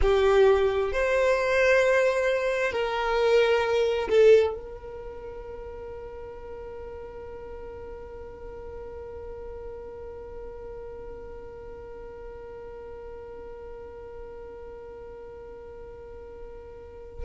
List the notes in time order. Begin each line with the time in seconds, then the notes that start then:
0.01 G4
0.92 C5
2.71 A#4
4.08 A4
4.54 A#4